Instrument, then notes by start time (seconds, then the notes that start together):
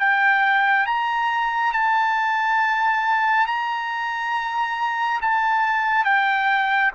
trumpet
0.00 G5
0.86 A#5
1.73 A5
3.47 A#5
5.22 A5
6.05 G5